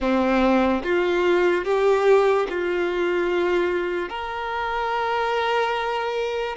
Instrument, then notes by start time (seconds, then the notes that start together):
violin
0.00 C4
0.83 F4
1.64 G4
2.49 F4
4.09 A#4